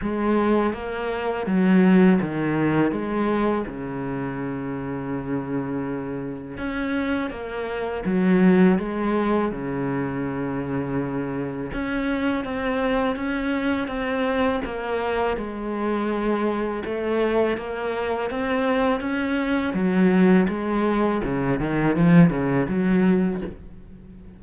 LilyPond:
\new Staff \with { instrumentName = "cello" } { \time 4/4 \tempo 4 = 82 gis4 ais4 fis4 dis4 | gis4 cis2.~ | cis4 cis'4 ais4 fis4 | gis4 cis2. |
cis'4 c'4 cis'4 c'4 | ais4 gis2 a4 | ais4 c'4 cis'4 fis4 | gis4 cis8 dis8 f8 cis8 fis4 | }